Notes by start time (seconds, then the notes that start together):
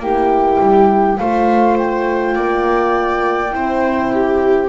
0.00 A#3 E4 G4 G5
0.61 G3
1.19 A3 F4 C5 F5
1.78 G5
2.36 A#3 D5
3.51 C4 E4 C5
4.13 G4